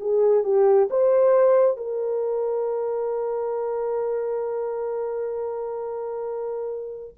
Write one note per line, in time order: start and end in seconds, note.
0.00 0.44 G#4
0.44 0.88 G4
0.90 1.77 C5
1.77 7.14 A#4